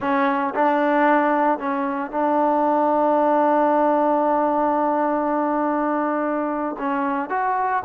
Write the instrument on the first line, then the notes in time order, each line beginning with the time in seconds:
trombone
0.00 C#4
0.54 D4
1.58 C#4
2.11 D4
6.78 C#4
7.29 F#4